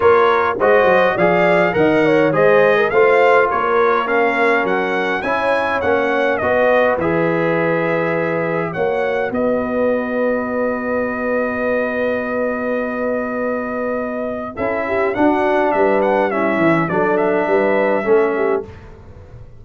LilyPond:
<<
  \new Staff \with { instrumentName = "trumpet" } { \time 4/4 \tempo 4 = 103 cis''4 dis''4 f''4 fis''4 | dis''4 f''4 cis''4 f''4 | fis''4 gis''4 fis''4 dis''4 | e''2. fis''4 |
dis''1~ | dis''1~ | dis''4 e''4 fis''4 e''8 fis''8 | e''4 d''8 e''2~ e''8 | }
  \new Staff \with { instrumentName = "horn" } { \time 4/4 ais'4 c''4 d''4 dis''8 cis''8 | c''8. ais'16 c''4 ais'2~ | ais'4 cis''2 b'4~ | b'2. cis''4 |
b'1~ | b'1~ | b'4 a'8 g'8 fis'4 b'4 | e'4 a'4 b'4 a'8 g'8 | }
  \new Staff \with { instrumentName = "trombone" } { \time 4/4 f'4 fis'4 gis'4 ais'4 | gis'4 f'2 cis'4~ | cis'4 e'4 cis'4 fis'4 | gis'2. fis'4~ |
fis'1~ | fis'1~ | fis'4 e'4 d'2 | cis'4 d'2 cis'4 | }
  \new Staff \with { instrumentName = "tuba" } { \time 4/4 ais4 gis8 fis8 f4 dis4 | gis4 a4 ais2 | fis4 cis'4 ais4 b4 | e2. ais4 |
b1~ | b1~ | b4 cis'4 d'4 g4~ | g8 e8 fis4 g4 a4 | }
>>